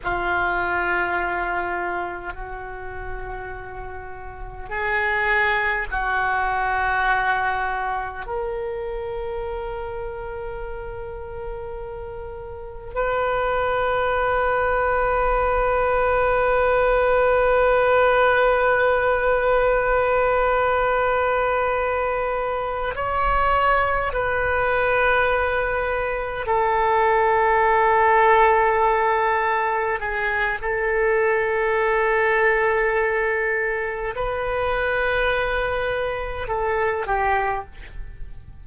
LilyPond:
\new Staff \with { instrumentName = "oboe" } { \time 4/4 \tempo 4 = 51 f'2 fis'2 | gis'4 fis'2 ais'4~ | ais'2. b'4~ | b'1~ |
b'2.~ b'8 cis''8~ | cis''8 b'2 a'4.~ | a'4. gis'8 a'2~ | a'4 b'2 a'8 g'8 | }